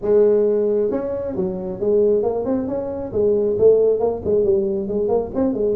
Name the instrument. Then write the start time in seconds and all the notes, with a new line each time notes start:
tuba
0.01 G#3
0.90 C#4
1.36 F#3
1.80 G#3
2.23 A#3
2.45 C4
2.67 C#4
3.12 G#3
3.58 A3
3.99 A#3
4.24 G#3
4.44 G3
4.88 G#3
5.08 A#3
5.34 C4
5.53 G#3